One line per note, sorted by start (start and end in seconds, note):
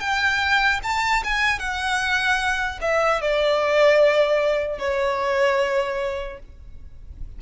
0.00 0.80 G5
0.83 1.23 A5
1.24 1.59 G#5
1.59 2.79 F#5
2.81 3.21 E5
3.21 4.79 D5
4.79 6.39 C#5